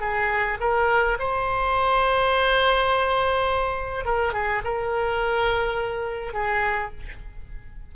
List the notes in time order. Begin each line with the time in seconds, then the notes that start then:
0.00 G#4
0.60 A#4
1.19 C5
4.05 A#4
4.33 G#4
4.64 A#4
6.33 G#4